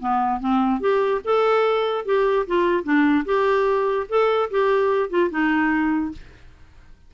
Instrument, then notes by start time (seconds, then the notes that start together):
clarinet
0.00 B3
0.40 C4
0.81 G4
1.25 A4
2.06 G4
2.47 F4
2.84 D4
3.26 G4
4.09 A4
4.51 G4
5.10 F4
5.31 D#4